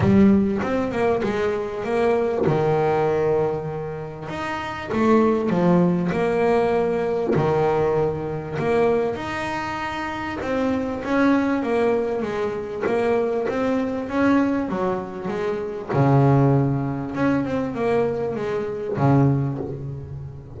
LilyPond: \new Staff \with { instrumentName = "double bass" } { \time 4/4 \tempo 4 = 98 g4 c'8 ais8 gis4 ais4 | dis2. dis'4 | a4 f4 ais2 | dis2 ais4 dis'4~ |
dis'4 c'4 cis'4 ais4 | gis4 ais4 c'4 cis'4 | fis4 gis4 cis2 | cis'8 c'8 ais4 gis4 cis4 | }